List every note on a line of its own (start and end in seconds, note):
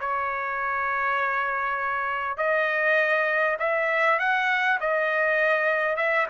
0.00 2.37 C#5
2.37 3.57 D#5
3.59 4.19 E5
4.19 4.79 F#5
4.80 5.96 D#5
5.96 6.26 E5